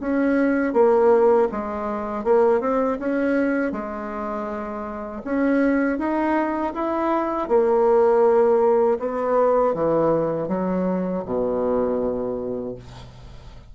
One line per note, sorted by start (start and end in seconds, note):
0.00 0.73 C#4
0.73 1.48 A#3
1.52 2.24 G#3
2.24 2.61 A#3
2.61 2.98 C4
3.00 3.72 C#4
3.72 5.22 G#3
5.25 5.99 C#4
5.99 6.74 D#4
6.74 7.49 E4
7.49 8.99 A#3
8.99 9.74 B3
9.74 10.48 E3
10.48 11.23 F#3
11.25 12.75 B2